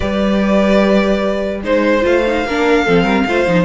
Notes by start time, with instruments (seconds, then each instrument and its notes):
0.00 cello G3, viola G4, violin B4 D5
1.63 cello G#3, viola D#4, violin C5
2.01 cello A3, viola F4, violin F5
2.27 viola D#4
2.46 cello A#3, viola D4, violin A#4
2.85 cello F3, viola C4, violin A4
3.03 cello G3, violin A#4
3.26 cello A3, viola F4, violin C5
3.47 cello F3, viola D#4